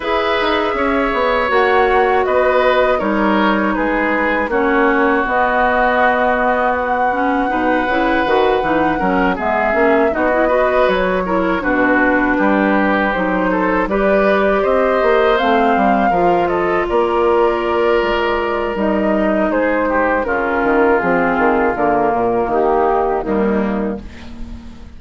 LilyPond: <<
  \new Staff \with { instrumentName = "flute" } { \time 4/4 \tempo 4 = 80 e''2 fis''4 dis''4 | cis''4 b'4 cis''4 dis''4~ | dis''4 fis''2.~ | fis''8 e''4 dis''4 cis''4 b'8~ |
b'4. c''4 d''4 dis''8~ | dis''8 f''4. dis''8 d''4.~ | d''4 dis''4 c''4 ais'4 | gis'4 ais'4 g'4 dis'4 | }
  \new Staff \with { instrumentName = "oboe" } { \time 4/4 b'4 cis''2 b'4 | ais'4 gis'4 fis'2~ | fis'2 b'2 | ais'8 gis'4 fis'8 b'4 ais'8 fis'8~ |
fis'8 g'4. a'8 b'4 c''8~ | c''4. ais'8 a'8 ais'4.~ | ais'2 gis'8 g'8 f'4~ | f'2 dis'4 ais4 | }
  \new Staff \with { instrumentName = "clarinet" } { \time 4/4 gis'2 fis'2 | dis'2 cis'4 b4~ | b4. cis'8 dis'8 e'8 fis'8 dis'8 | cis'8 b8 cis'8 dis'16 e'16 fis'4 e'8 d'8~ |
d'4. dis'4 g'4.~ | g'8 c'4 f'2~ f'8~ | f'4 dis'2 cis'4 | c'4 ais2 g4 | }
  \new Staff \with { instrumentName = "bassoon" } { \time 4/4 e'8 dis'8 cis'8 b8 ais4 b4 | g4 gis4 ais4 b4~ | b2 b,8 cis8 dis8 e8 | fis8 gis8 ais8 b4 fis4 b,8~ |
b,8 g4 fis4 g4 c'8 | ais8 a8 g8 f4 ais4. | gis4 g4 gis4 cis8 dis8 | f8 dis8 d8 ais,8 dis4 dis,4 | }
>>